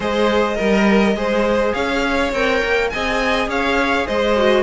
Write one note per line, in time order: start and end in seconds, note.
0.00 0.58 G#3
0.00 0.55 G#4
0.00 0.57 C5
0.00 1.73 D#5
0.55 1.14 G3
0.55 1.13 A#4
0.55 1.16 A#4
1.14 1.73 G#3
1.14 2.32 G#4
1.14 1.74 C5
1.73 2.32 C#4
1.73 2.91 C#5
1.73 2.31 F5
2.32 2.61 C4
2.32 2.92 A#4
2.32 2.89 G5
2.63 2.92 A#3
2.89 3.47 C4
2.89 4.37 G#4
2.89 3.49 D#5
2.89 3.47 G#5
3.47 4.06 C#4
3.47 4.06 C#5
3.47 4.07 F5
4.06 4.63 G#3
4.06 4.63 C5
4.06 4.63 D#5
4.37 4.63 F#4